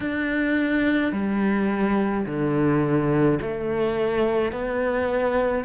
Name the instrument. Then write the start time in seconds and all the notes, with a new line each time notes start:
cello
0.00 D4
1.12 G3
2.25 D3
3.41 A3
4.51 B3